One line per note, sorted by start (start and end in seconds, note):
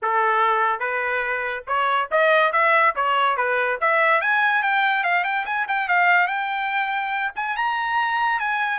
0.02 0.79 A4
0.79 1.63 B4
1.67 2.09 C#5
2.11 2.52 D#5
2.52 2.94 E5
2.95 3.36 C#5
3.36 3.78 B4
3.81 4.21 E5
4.21 4.63 G#5
4.63 5.03 G5
5.03 5.24 F5
5.24 5.45 G5
5.45 5.66 G#5
5.68 5.88 G5
5.88 6.27 F5
6.27 7.32 G5
7.35 7.56 G#5
7.56 8.39 A#5
8.39 8.79 G#5